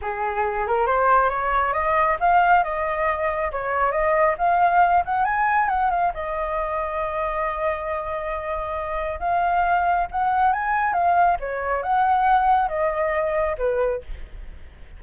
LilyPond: \new Staff \with { instrumentName = "flute" } { \time 4/4 \tempo 4 = 137 gis'4. ais'8 c''4 cis''4 | dis''4 f''4 dis''2 | cis''4 dis''4 f''4. fis''8 | gis''4 fis''8 f''8 dis''2~ |
dis''1~ | dis''4 f''2 fis''4 | gis''4 f''4 cis''4 fis''4~ | fis''4 dis''2 b'4 | }